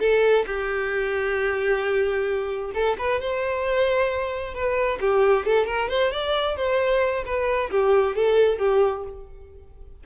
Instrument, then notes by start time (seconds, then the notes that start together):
violin
0.00 A4
0.47 G4
2.74 A4
2.99 B4
3.21 C5
4.54 B4
5.01 G4
5.46 A4
5.67 A#4
5.90 C5
6.12 D5
6.57 C5
7.25 B4
7.71 G4
8.16 A4
8.59 G4